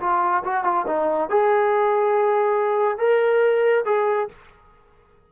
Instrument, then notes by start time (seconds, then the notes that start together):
trombone
0.00 F4
0.44 F#4
0.64 F4
0.87 D#4
1.29 G#4
2.98 A#4
3.85 G#4